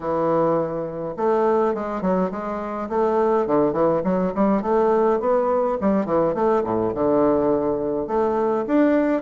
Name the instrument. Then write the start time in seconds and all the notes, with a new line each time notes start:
bassoon
0.00 E3
1.16 A3
1.74 G#3
2.01 F#3
2.31 G#3
2.89 A3
3.46 D3
3.72 E3
4.04 F#3
4.35 G3
4.62 A3
5.20 B3
5.80 G3
6.05 E3
6.34 A3
6.63 A2
6.94 D3
8.07 A3
8.67 D4